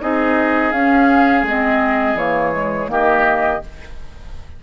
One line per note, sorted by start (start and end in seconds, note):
0.00 0.72 C4
0.00 0.72 D#4
0.00 2.90 G#4
0.00 0.72 D#5
0.72 1.42 C#4
0.72 1.46 C#4
0.72 1.44 F5
1.42 2.14 G#3
1.42 2.16 C4
1.42 2.17 D#5
2.14 2.86 E3
2.14 2.52 A#3
2.14 2.90 C#5
2.52 2.87 G#3
2.87 3.60 D#3
2.87 3.60 A#3
2.87 3.63 G4
2.87 3.63 D#5